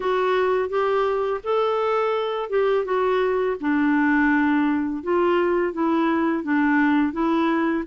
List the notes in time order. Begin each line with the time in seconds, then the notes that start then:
0.00 F#4
0.69 G4
1.43 A4
2.49 G4
2.84 F#4
3.60 D4
5.03 F4
5.73 E4
6.43 D4
7.12 E4